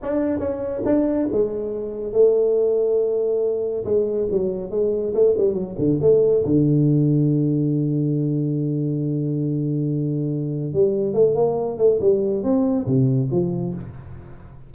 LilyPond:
\new Staff \with { instrumentName = "tuba" } { \time 4/4 \tempo 4 = 140 d'4 cis'4 d'4 gis4~ | gis4 a2.~ | a4 gis4 fis4 gis4 | a8 g8 fis8 d8 a4 d4~ |
d1~ | d1~ | d4 g4 a8 ais4 a8 | g4 c'4 c4 f4 | }